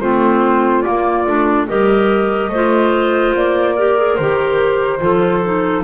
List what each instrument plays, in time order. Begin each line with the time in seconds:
0.00 double bass A3, clarinet C4 F4, flute C5
0.82 clarinet A#3, double bass A#3, flute D5
1.26 double bass A3, clarinet D4
1.67 double bass G3, clarinet G4 A#4, flute D#5
2.49 double bass A3, clarinet F4 C5
3.33 double bass A#3, flute D5
3.73 clarinet G4 A#4
3.97 clarinet G#4
4.16 double bass D#3, clarinet G4, flute C5
4.99 double bass F3, clarinet F4 A4
5.44 clarinet D#4